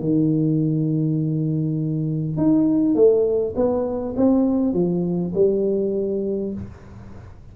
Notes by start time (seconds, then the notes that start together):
0.00 D#3
2.37 D#4
2.95 A3
3.56 B3
4.17 C4
4.74 F3
5.35 G3